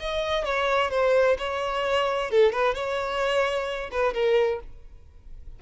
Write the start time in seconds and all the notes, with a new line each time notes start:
0.00 D#5
0.45 C#5
0.91 C5
1.38 C#5
2.31 A4
2.52 B4
2.75 C#5
3.92 B4
4.14 A#4